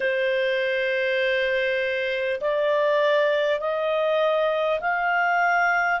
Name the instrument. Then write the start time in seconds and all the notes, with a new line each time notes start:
clarinet
0.00 C5
2.41 D5
3.59 D#5
4.80 F5